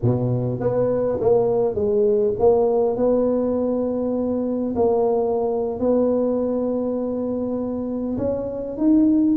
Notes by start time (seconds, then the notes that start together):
0.02 B2
0.59 B3
1.20 A#3
1.74 G#3
2.39 A#3
2.96 B3
4.75 A#3
5.79 B3
8.17 C#4
8.77 D#4